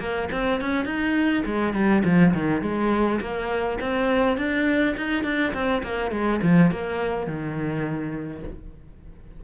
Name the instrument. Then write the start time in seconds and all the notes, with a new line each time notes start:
cello
0.00 A#3
0.32 C4
0.61 C#4
0.85 D#4
1.46 G#3
1.74 G3
2.05 F3
2.34 D#3
2.62 G#3
3.21 A#3
3.80 C4
4.37 D4
4.97 D#4
5.24 D4
5.54 C4
5.84 A#3
6.11 G#3
6.42 F3
6.71 A#3
7.27 D#3